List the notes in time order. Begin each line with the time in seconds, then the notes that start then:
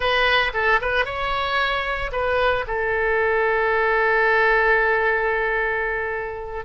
0.00 B4
0.53 A4
0.81 B4
1.05 C#5
2.12 B4
2.67 A4